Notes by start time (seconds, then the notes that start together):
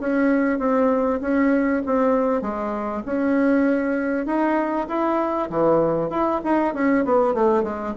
0.00 C#4
0.59 C4
1.21 C#4
1.86 C4
2.42 G#3
3.06 C#4
4.26 D#4
4.88 E4
5.50 E3
6.10 E4
6.44 D#4
6.74 C#4
7.05 B3
7.34 A3
7.63 G#3